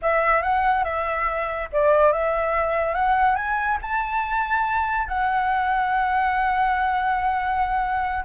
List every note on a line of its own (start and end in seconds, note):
0.02 0.42 E5
0.42 0.84 F#5
0.84 1.68 E5
1.72 2.12 D5
2.12 2.94 E5
2.94 3.35 F#5
3.35 3.77 G#5
3.81 5.07 A5
5.07 8.24 F#5